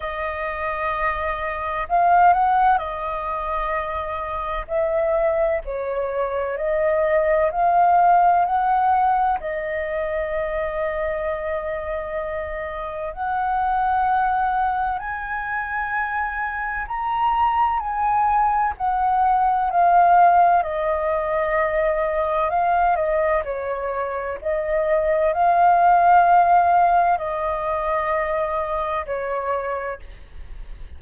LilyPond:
\new Staff \with { instrumentName = "flute" } { \time 4/4 \tempo 4 = 64 dis''2 f''8 fis''8 dis''4~ | dis''4 e''4 cis''4 dis''4 | f''4 fis''4 dis''2~ | dis''2 fis''2 |
gis''2 ais''4 gis''4 | fis''4 f''4 dis''2 | f''8 dis''8 cis''4 dis''4 f''4~ | f''4 dis''2 cis''4 | }